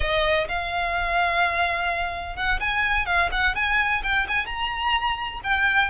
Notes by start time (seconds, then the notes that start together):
0.00 D#5
0.48 F5
2.36 F#5
2.60 G#5
3.06 F5
3.31 F#5
3.55 G#5
4.03 G5
4.28 G#5
4.46 A#5
5.43 G5